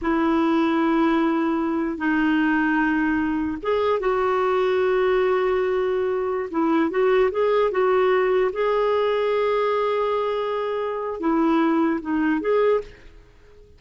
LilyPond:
\new Staff \with { instrumentName = "clarinet" } { \time 4/4 \tempo 4 = 150 e'1~ | e'4 dis'2.~ | dis'4 gis'4 fis'2~ | fis'1~ |
fis'16 e'4 fis'4 gis'4 fis'8.~ | fis'4~ fis'16 gis'2~ gis'8.~ | gis'1 | e'2 dis'4 gis'4 | }